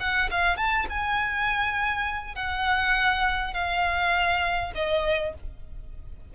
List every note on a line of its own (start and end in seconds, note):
0.00 0.30 F#5
0.31 0.57 F5
0.57 0.86 A5
0.90 2.35 G#5
2.35 3.54 F#5
3.54 4.73 F5
4.75 5.34 D#5